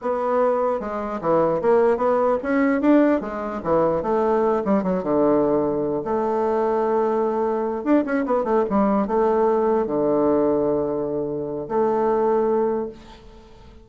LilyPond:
\new Staff \with { instrumentName = "bassoon" } { \time 4/4 \tempo 4 = 149 b2 gis4 e4 | ais4 b4 cis'4 d'4 | gis4 e4 a4. g8 | fis8 d2~ d8 a4~ |
a2.~ a8 d'8 | cis'8 b8 a8 g4 a4.~ | a8 d2.~ d8~ | d4 a2. | }